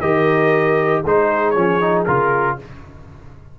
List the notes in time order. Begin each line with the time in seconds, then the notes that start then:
0.00 D#3 G4 A#4 D#5
1.04 G#3 D#4 G#4 C5
1.51 F3 C#4 C#5
1.81 D#4
2.06 C#3 F4 A#4